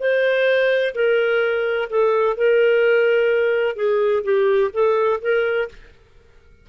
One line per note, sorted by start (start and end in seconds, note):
0.00 0.94 C5
0.95 1.89 A#4
1.90 2.37 A4
2.37 3.76 A#4
3.76 4.23 G#4
4.24 4.71 G4
4.73 5.20 A4
5.22 5.69 A#4